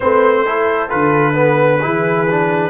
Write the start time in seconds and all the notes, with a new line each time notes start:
0.00 A3 C4 B4 C5
0.45 E4 A4
0.89 D3 F4 B4
1.34 B3
1.81 E3 E4 G#4
2.30 D4